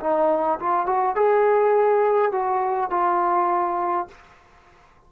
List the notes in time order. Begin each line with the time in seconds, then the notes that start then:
0.00 D#4
0.59 F4
0.86 F#4
1.16 G#4
2.32 F#4
2.90 F4